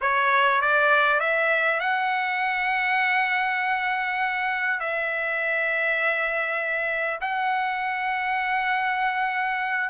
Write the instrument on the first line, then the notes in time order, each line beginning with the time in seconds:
trumpet
0.01 C#5
0.61 D5
1.20 E5
1.80 F#5
4.80 E5
7.21 F#5